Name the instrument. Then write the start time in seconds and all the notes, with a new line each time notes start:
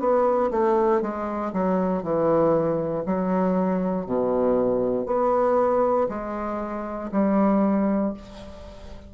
bassoon
0.00 B3
0.51 A3
1.02 G#3
1.53 F#3
2.03 E3
3.06 F#3
4.06 B2
5.06 B3
6.09 G#3
7.12 G3